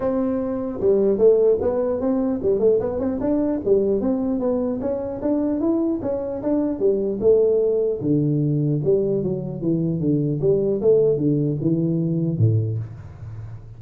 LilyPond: \new Staff \with { instrumentName = "tuba" } { \time 4/4 \tempo 4 = 150 c'2 g4 a4 | b4 c'4 g8 a8 b8 c'8 | d'4 g4 c'4 b4 | cis'4 d'4 e'4 cis'4 |
d'4 g4 a2 | d2 g4 fis4 | e4 d4 g4 a4 | d4 e2 a,4 | }